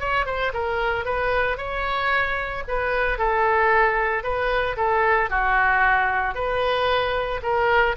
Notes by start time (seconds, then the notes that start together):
0.00 C#5
0.26 C5
0.53 A#4
1.05 B4
1.57 C#5
2.68 B4
3.18 A4
4.23 B4
4.77 A4
5.30 F#4
6.35 B4
7.43 A#4